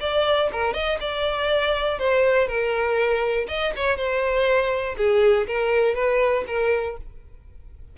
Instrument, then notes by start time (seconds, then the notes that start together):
violin
0.00 D5
0.53 A#4
0.74 D#5
1.00 D5
1.99 C5
2.47 A#4
3.48 D#5
3.76 C#5
3.96 C5
4.97 G#4
5.47 A#4
5.95 B4
6.47 A#4